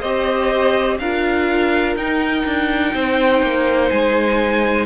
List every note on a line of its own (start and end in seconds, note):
0.00 0.99 C4
0.00 1.00 G4
0.00 0.97 C5
0.00 0.97 D#5
0.98 1.96 D4
0.98 1.98 F4
0.98 2.94 A#4
0.98 1.95 F5
1.96 2.44 D#4
1.96 4.85 D#4
1.96 3.89 G5
2.45 2.93 D4
2.94 3.42 C4
2.94 4.85 C5
3.42 3.90 A#3
3.89 4.85 G#3
3.89 4.85 G#5